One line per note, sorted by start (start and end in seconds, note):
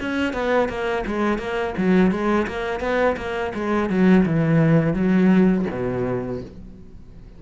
0.00 0.33 C#4
0.33 0.69 B3
0.69 1.04 A#3
1.06 1.38 G#3
1.38 1.74 A#3
1.78 2.11 F#3
2.11 2.47 G#3
2.47 2.80 A#3
2.80 3.16 B3
3.17 3.52 A#3
3.54 3.89 G#3
3.89 4.25 F#3
4.25 4.94 E3
4.94 5.65 F#3
5.70 6.42 B2